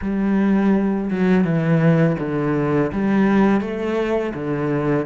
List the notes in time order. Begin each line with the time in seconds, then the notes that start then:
0.01 G3
1.10 F#3
1.44 E3
2.19 D3
2.92 G3
3.60 A3
4.34 D3